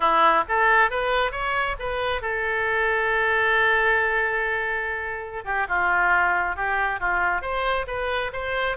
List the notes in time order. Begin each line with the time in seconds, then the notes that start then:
0.00 E4
0.48 A4
0.90 B4
1.31 C#5
1.79 B4
2.21 A4
5.44 G4
5.68 F4
6.56 G4
7.00 F4
7.41 C5
7.87 B4
8.33 C5